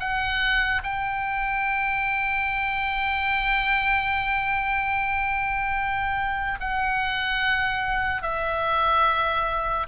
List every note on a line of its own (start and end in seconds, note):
0.00 0.82 F#5
0.84 6.59 G5
6.61 8.23 F#5
8.23 9.87 E5